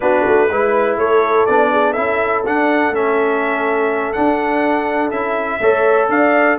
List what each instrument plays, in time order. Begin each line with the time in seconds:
0.00 tuba B3, trombone D4, horn F#4, trumpet B4
0.27 tuba A3
0.48 tuba G#3, trombone E4, horn B4
0.97 tuba A3, horn A4, trumpet C#5
1.45 tuba B3, trombone D4, trumpet D5
1.71 horn G#4
1.92 tuba C#4, trombone E4, horn A4, trumpet E5
2.45 tuba D4, trombone D4, trumpet F#5
2.90 tuba A3, trombone C#4, trumpet E5
4.12 trombone D4, tuba D4, trumpet F#5
5.10 tuba C#4, trombone E4, trumpet E5
5.60 tuba A3, trombone A4, horn C#5
6.08 tuba D4, horn D5, trumpet F5